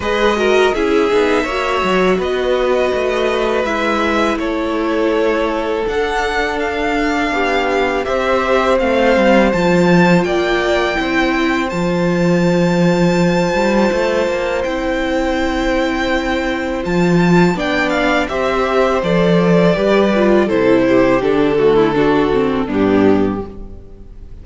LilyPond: <<
  \new Staff \with { instrumentName = "violin" } { \time 4/4 \tempo 4 = 82 dis''4 e''2 dis''4~ | dis''4 e''4 cis''2 | fis''4 f''2 e''4 | f''4 a''4 g''2 |
a''1 | g''2. a''4 | g''8 f''8 e''4 d''2 | c''4 a'2 g'4 | }
  \new Staff \with { instrumentName = "violin" } { \time 4/4 b'8 ais'8 gis'4 cis''4 b'4~ | b'2 a'2~ | a'2 g'4 c''4~ | c''2 d''4 c''4~ |
c''1~ | c''1 | d''4 c''2 b'4 | a'8 g'4 fis'16 e'16 fis'4 d'4 | }
  \new Staff \with { instrumentName = "viola" } { \time 4/4 gis'8 fis'8 e'8 dis'8 fis'2~ | fis'4 e'2. | d'2. g'4 | c'4 f'2 e'4 |
f'1 | e'2. f'4 | d'4 g'4 a'4 g'8 f'8 | e'4 d'8 a8 d'8 c'8 b4 | }
  \new Staff \with { instrumentName = "cello" } { \time 4/4 gis4 cis'8 b8 ais8 fis8 b4 | a4 gis4 a2 | d'2 b4 c'4 | a8 g8 f4 ais4 c'4 |
f2~ f8 g8 a8 ais8 | c'2. f4 | b4 c'4 f4 g4 | c4 d2 g,4 | }
>>